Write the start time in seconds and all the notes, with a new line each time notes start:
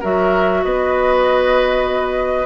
0.00 F#3 F#4 A#4 E5
0.63 B3 B4 D#5